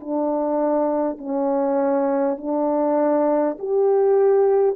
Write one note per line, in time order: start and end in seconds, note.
0.00 1.17 D4
1.17 2.37 C#4
2.37 3.57 D4
3.59 4.76 G4